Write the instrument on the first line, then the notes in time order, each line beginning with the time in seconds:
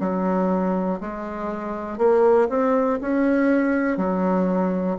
bassoon
0.00 F#3
1.01 G#3
1.99 A#3
2.50 C4
3.01 C#4
3.97 F#3